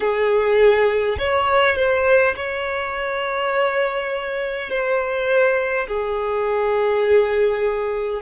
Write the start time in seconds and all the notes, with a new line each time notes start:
0.00 G#4
1.18 C#5
1.76 C5
2.36 C#5
4.69 C5
5.87 G#4